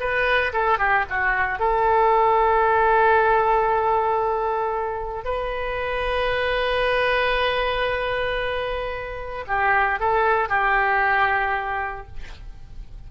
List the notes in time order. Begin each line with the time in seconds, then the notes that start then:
0.00 B4
0.53 A4
0.79 G4
1.10 F#4
1.59 A4
5.24 B4
9.47 G4
10.00 A4
10.49 G4